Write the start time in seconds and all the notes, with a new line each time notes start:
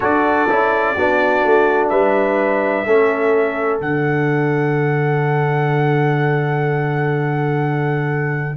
0.00 D4 F#4 A4 D5
0.48 C#4 E4
0.95 B3 D4 F#4
1.43 A3
1.89 G3 B4 E5
2.86 A3 C#4 A4
3.80 D3 D4 F#5